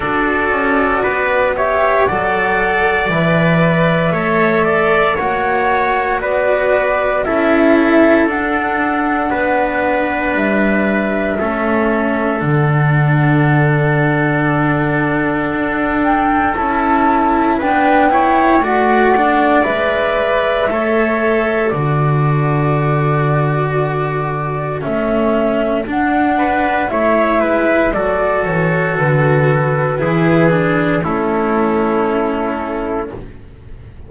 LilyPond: <<
  \new Staff \with { instrumentName = "flute" } { \time 4/4 \tempo 4 = 58 d''4. e''8 fis''4 e''4~ | e''4 fis''4 d''4 e''4 | fis''2 e''2 | fis''2.~ fis''8 g''8 |
a''4 g''4 fis''4 e''4~ | e''4 d''2. | e''4 fis''4 e''4 d''8 cis''8 | b'2 a'2 | }
  \new Staff \with { instrumentName = "trumpet" } { \time 4/4 a'4 b'8 cis''8 d''2 | cis''8 d''8 cis''4 b'4 a'4~ | a'4 b'2 a'4~ | a'1~ |
a'4 b'8 cis''8 d''2 | cis''4 a'2.~ | a'4. b'8 cis''8 b'8 a'4~ | a'4 gis'4 e'2 | }
  \new Staff \with { instrumentName = "cello" } { \time 4/4 fis'4. g'8 a'4 b'4 | a'4 fis'2 e'4 | d'2. cis'4 | d'1 |
e'4 d'8 e'8 fis'8 d'8 b'4 | a'4 fis'2. | cis'4 d'4 e'4 fis'4~ | fis'4 e'8 d'8 cis'2 | }
  \new Staff \with { instrumentName = "double bass" } { \time 4/4 d'8 cis'8 b4 fis4 e4 | a4 ais4 b4 cis'4 | d'4 b4 g4 a4 | d2. d'4 |
cis'4 b4 a4 gis4 | a4 d2. | a4 d'4 a8 gis8 fis8 e8 | d4 e4 a2 | }
>>